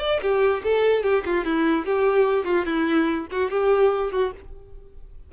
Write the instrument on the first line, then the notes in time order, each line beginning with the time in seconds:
violin
0.00 D5
0.22 G4
0.64 A4
1.03 G4
1.26 F4
1.45 E4
1.86 G4
2.45 F4
2.66 E4
3.31 F#4
3.50 G4
4.12 F#4